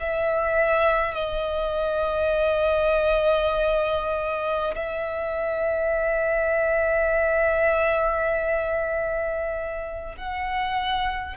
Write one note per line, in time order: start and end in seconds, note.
0.00 1.15 E5
1.15 4.75 D#5
4.76 10.16 E5
10.18 11.37 F#5